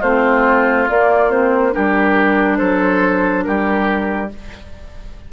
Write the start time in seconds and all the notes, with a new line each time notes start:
0.00 A3 C4 F4 C5
0.88 A#3 D5
1.30 C4 C5
1.71 G3 D4 G4 A#4
2.57 F#3 A4 C5
3.43 G3 G4 A#4